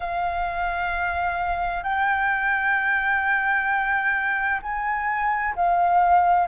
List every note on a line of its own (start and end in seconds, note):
0.00 1.83 F5
1.83 4.60 G5
4.62 5.54 G#5
5.55 6.47 F5